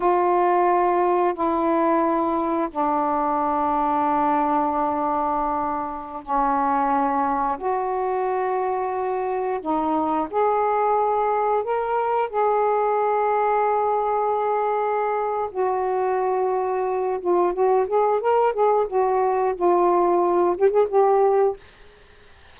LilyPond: \new Staff \with { instrumentName = "saxophone" } { \time 4/4 \tempo 4 = 89 f'2 e'2 | d'1~ | d'4~ d'16 cis'2 fis'8.~ | fis'2~ fis'16 dis'4 gis'8.~ |
gis'4~ gis'16 ais'4 gis'4.~ gis'16~ | gis'2. fis'4~ | fis'4. f'8 fis'8 gis'8 ais'8 gis'8 | fis'4 f'4. g'16 gis'16 g'4 | }